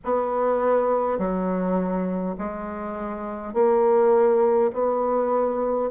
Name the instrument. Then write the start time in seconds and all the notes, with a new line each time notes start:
bassoon
0.04 B3
1.18 F#3
2.38 G#3
3.53 A#3
4.72 B3